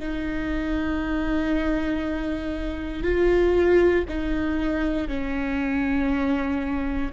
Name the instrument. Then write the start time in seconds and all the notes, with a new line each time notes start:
viola
0.00 D#4
3.03 F4
4.09 D#4
5.08 C#4